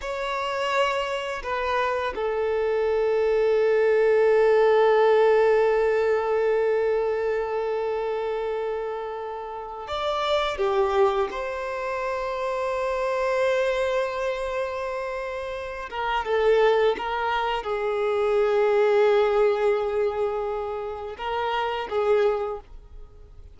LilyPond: \new Staff \with { instrumentName = "violin" } { \time 4/4 \tempo 4 = 85 cis''2 b'4 a'4~ | a'1~ | a'1~ | a'2 d''4 g'4 |
c''1~ | c''2~ c''8 ais'8 a'4 | ais'4 gis'2.~ | gis'2 ais'4 gis'4 | }